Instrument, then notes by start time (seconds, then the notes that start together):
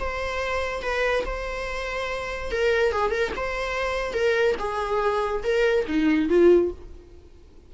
viola
0.00 C5
0.83 B4
1.26 C5
2.52 A#4
2.92 G#4
3.11 A#4
3.36 C5
4.14 A#4
4.59 G#4
5.44 A#4
5.88 D#4
6.29 F4